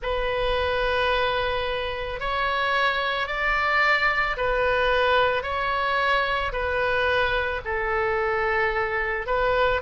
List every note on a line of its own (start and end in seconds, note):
0.02 2.20 B4
2.20 3.27 C#5
3.27 4.36 D5
4.36 5.42 B4
5.42 6.52 C#5
6.52 7.61 B4
7.65 9.26 A4
9.26 9.81 B4